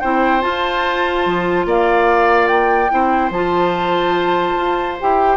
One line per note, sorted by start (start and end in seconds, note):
0.00 0.44 C4
0.00 0.41 E4
0.00 1.66 C5
0.00 0.41 G5
0.41 2.89 F4
0.41 1.26 F4
0.41 1.66 A5
1.26 1.65 F3
1.65 2.89 A#3
1.65 2.91 D5
1.65 2.48 F5
2.48 3.30 G5
2.90 3.30 C4
2.90 3.31 E4
2.90 5.37 C5
3.30 4.54 F3
3.30 5.00 F4
3.30 4.98 A5
4.57 4.99 F4
5.00 5.37 E4
5.00 5.37 G4
5.00 5.37 G5